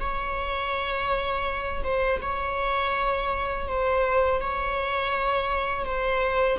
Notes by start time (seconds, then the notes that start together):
0.00 C#5
1.84 C5
2.22 C#5
3.68 C5
4.41 C#5
5.85 C5